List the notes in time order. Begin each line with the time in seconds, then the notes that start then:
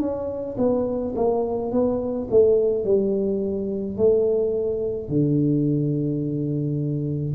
0.00 C#4
0.58 B3
1.15 A#3
1.71 B3
2.30 A3
2.84 G3
3.97 A3
5.09 D3